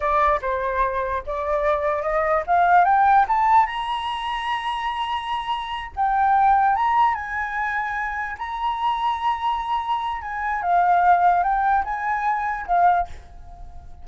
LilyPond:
\new Staff \with { instrumentName = "flute" } { \time 4/4 \tempo 4 = 147 d''4 c''2 d''4~ | d''4 dis''4 f''4 g''4 | a''4 ais''2.~ | ais''2~ ais''8 g''4.~ |
g''8 ais''4 gis''2~ gis''8~ | gis''8 ais''2.~ ais''8~ | ais''4 gis''4 f''2 | g''4 gis''2 f''4 | }